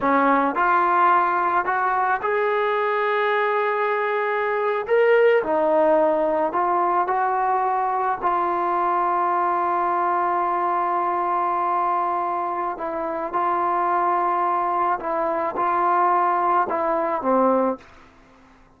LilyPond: \new Staff \with { instrumentName = "trombone" } { \time 4/4 \tempo 4 = 108 cis'4 f'2 fis'4 | gis'1~ | gis'8. ais'4 dis'2 f'16~ | f'8. fis'2 f'4~ f'16~ |
f'1~ | f'2. e'4 | f'2. e'4 | f'2 e'4 c'4 | }